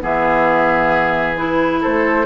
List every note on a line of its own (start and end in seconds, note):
0.00 1.82 E3
0.00 1.35 B3
0.00 1.81 G#4
0.00 1.36 E5
1.36 2.26 E4
1.36 1.82 B4
1.81 2.26 A3
1.81 2.26 A4
1.81 2.26 C5